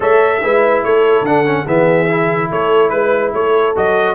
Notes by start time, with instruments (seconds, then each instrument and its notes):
0.00 tuba A3, trombone A4, horn C#5, trumpet E5
0.43 tuba G#3, trombone E4, horn B4
0.84 tuba A3, horn A4, trumpet C#5
1.21 tuba D3, trombone D4, trumpet F#5
1.45 trombone C#4
1.65 tuba E3, trombone B3, horn G#4, trumpet E5
2.09 trombone E4
2.50 tuba A3, horn A4, trumpet C#5
2.89 tuba G#3, trumpet B4, horn B4
3.33 tuba A3, horn A4, trumpet C#5
3.75 tuba F#3, trombone F#4, trumpet D#5